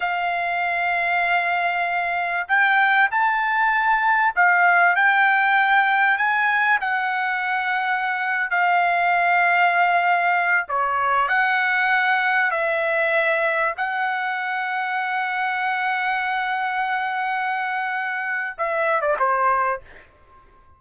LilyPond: \new Staff \with { instrumentName = "trumpet" } { \time 4/4 \tempo 4 = 97 f''1 | g''4 a''2 f''4 | g''2 gis''4 fis''4~ | fis''4.~ fis''16 f''2~ f''16~ |
f''4~ f''16 cis''4 fis''4.~ fis''16~ | fis''16 e''2 fis''4.~ fis''16~ | fis''1~ | fis''2 e''8. d''16 c''4 | }